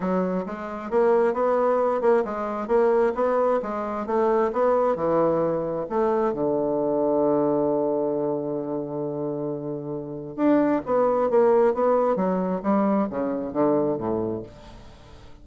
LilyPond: \new Staff \with { instrumentName = "bassoon" } { \time 4/4 \tempo 4 = 133 fis4 gis4 ais4 b4~ | b8 ais8 gis4 ais4 b4 | gis4 a4 b4 e4~ | e4 a4 d2~ |
d1~ | d2. d'4 | b4 ais4 b4 fis4 | g4 cis4 d4 a,4 | }